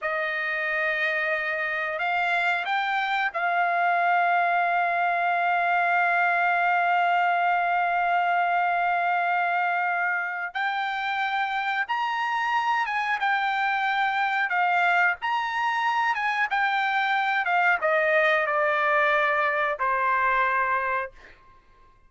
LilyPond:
\new Staff \with { instrumentName = "trumpet" } { \time 4/4 \tempo 4 = 91 dis''2. f''4 | g''4 f''2.~ | f''1~ | f''1 |
g''2 ais''4. gis''8 | g''2 f''4 ais''4~ | ais''8 gis''8 g''4. f''8 dis''4 | d''2 c''2 | }